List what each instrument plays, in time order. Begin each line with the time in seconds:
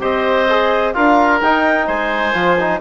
0.00 bassoon C4, trombone G4, oboe C5, clarinet D#5
0.49 trombone G#4
0.94 bassoon D4, trombone F4, oboe A#4, clarinet F5
1.41 bassoon D#4, trombone D#4, clarinet G5
1.87 bassoon G#3, oboe C5, clarinet G#5
2.33 bassoon F3, trombone F4
2.60 trombone D#4